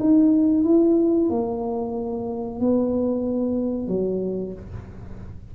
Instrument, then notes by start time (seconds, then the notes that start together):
tuba
0.00 D#4
0.64 E4
1.30 A#3
2.60 B3
3.88 F#3